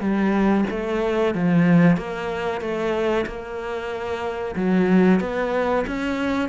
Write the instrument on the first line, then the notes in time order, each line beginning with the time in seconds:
cello
0.00 G3
0.70 A3
1.34 F3
1.97 A#3
2.61 A3
3.26 A#3
4.55 F#3
5.20 B3
5.87 C#4